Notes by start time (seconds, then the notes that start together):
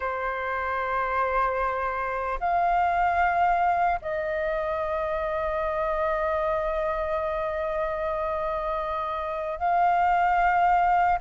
0.00 C5
2.40 F5
4.01 D#5
9.58 F5